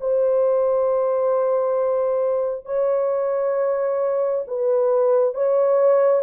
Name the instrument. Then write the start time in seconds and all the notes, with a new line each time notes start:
horn
0.00 C5
2.65 C#5
4.47 B4
5.34 C#5